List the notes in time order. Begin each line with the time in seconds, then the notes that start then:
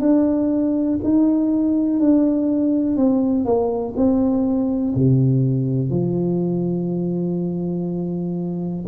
0.00 D4
1.03 D#4
2.00 D4
2.96 C4
3.45 A#3
3.96 C4
4.94 C3
5.90 F3